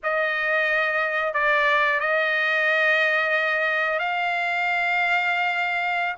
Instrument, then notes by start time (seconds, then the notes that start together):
trumpet
0.03 D#5
1.33 D5
2.00 D#5
3.98 F5